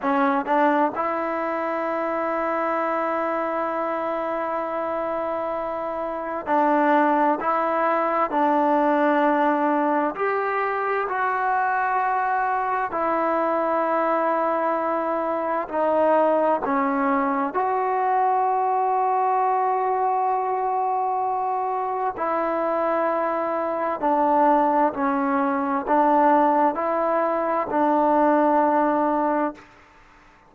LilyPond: \new Staff \with { instrumentName = "trombone" } { \time 4/4 \tempo 4 = 65 cis'8 d'8 e'2.~ | e'2. d'4 | e'4 d'2 g'4 | fis'2 e'2~ |
e'4 dis'4 cis'4 fis'4~ | fis'1 | e'2 d'4 cis'4 | d'4 e'4 d'2 | }